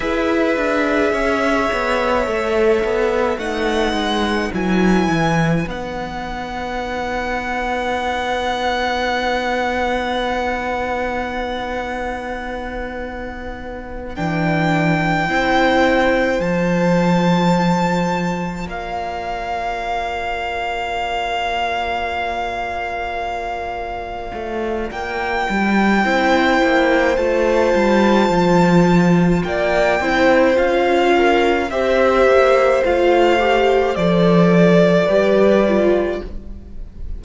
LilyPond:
<<
  \new Staff \with { instrumentName = "violin" } { \time 4/4 \tempo 4 = 53 e''2. fis''4 | gis''4 fis''2.~ | fis''1~ | fis''8 g''2 a''4.~ |
a''8 f''2.~ f''8~ | f''2 g''2 | a''2 g''4 f''4 | e''4 f''4 d''2 | }
  \new Staff \with { instrumentName = "violin" } { \time 4/4 b'4 cis''2 b'4~ | b'1~ | b'1~ | b'4. c''2~ c''8~ |
c''8 d''2.~ d''8~ | d''2. c''4~ | c''2 d''8 c''4 ais'8 | c''2. b'4 | }
  \new Staff \with { instrumentName = "viola" } { \time 4/4 gis'2 a'4 dis'4 | e'4 dis'2.~ | dis'1~ | dis'8 d'4 e'4 f'4.~ |
f'1~ | f'2. e'4 | f'2~ f'8 e'8 f'4 | g'4 f'8 g'8 a'4 g'8 f'8 | }
  \new Staff \with { instrumentName = "cello" } { \time 4/4 e'8 d'8 cis'8 b8 a8 b8 a8 gis8 | fis8 e8 b2.~ | b1~ | b8 e4 c'4 f4.~ |
f8 ais2.~ ais8~ | ais4. a8 ais8 g8 c'8 ais8 | a8 g8 f4 ais8 c'8 cis'4 | c'8 ais8 a4 f4 g4 | }
>>